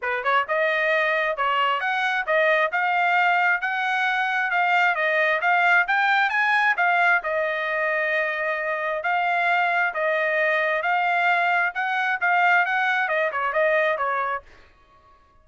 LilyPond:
\new Staff \with { instrumentName = "trumpet" } { \time 4/4 \tempo 4 = 133 b'8 cis''8 dis''2 cis''4 | fis''4 dis''4 f''2 | fis''2 f''4 dis''4 | f''4 g''4 gis''4 f''4 |
dis''1 | f''2 dis''2 | f''2 fis''4 f''4 | fis''4 dis''8 cis''8 dis''4 cis''4 | }